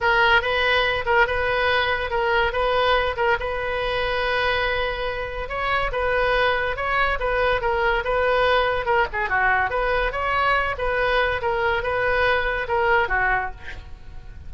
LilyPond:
\new Staff \with { instrumentName = "oboe" } { \time 4/4 \tempo 4 = 142 ais'4 b'4. ais'8 b'4~ | b'4 ais'4 b'4. ais'8 | b'1~ | b'4 cis''4 b'2 |
cis''4 b'4 ais'4 b'4~ | b'4 ais'8 gis'8 fis'4 b'4 | cis''4. b'4. ais'4 | b'2 ais'4 fis'4 | }